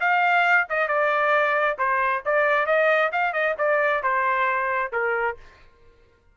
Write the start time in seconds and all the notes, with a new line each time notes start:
0.00 F5
0.69 D#5
0.88 D5
1.78 C5
2.25 D5
2.66 D#5
3.12 F5
3.33 D#5
3.58 D5
4.03 C5
4.92 A#4